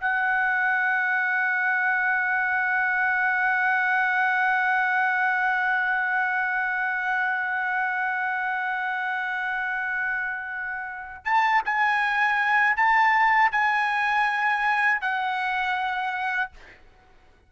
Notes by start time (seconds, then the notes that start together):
0.00 F#5
11.25 A5
11.65 G#5
12.76 A5
13.52 G#5
15.01 F#5